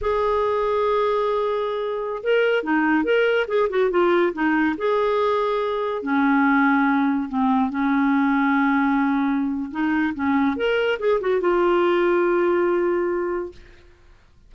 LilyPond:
\new Staff \with { instrumentName = "clarinet" } { \time 4/4 \tempo 4 = 142 gis'1~ | gis'4~ gis'16 ais'4 dis'4 ais'8.~ | ais'16 gis'8 fis'8 f'4 dis'4 gis'8.~ | gis'2~ gis'16 cis'4.~ cis'16~ |
cis'4~ cis'16 c'4 cis'4.~ cis'16~ | cis'2. dis'4 | cis'4 ais'4 gis'8 fis'8 f'4~ | f'1 | }